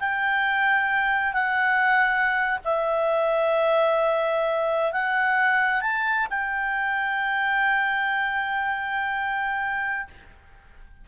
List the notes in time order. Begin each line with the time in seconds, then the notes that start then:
0.00 G5
1.34 F#5
2.65 E5
4.93 F#5
5.82 A5
6.30 G5